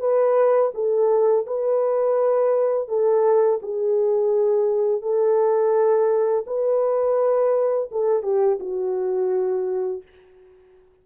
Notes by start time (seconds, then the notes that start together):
0.00 B4
0.74 A4
1.47 B4
2.89 A4
3.62 G#4
5.02 A4
6.47 B4
7.91 A4
8.23 G4
8.60 F#4